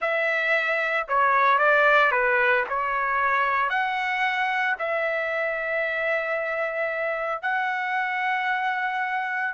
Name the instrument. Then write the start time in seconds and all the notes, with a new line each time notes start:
trumpet
0.01 E5
1.08 C#5
1.58 D5
2.11 B4
2.69 C#5
3.69 F#5
4.78 E5
7.41 F#5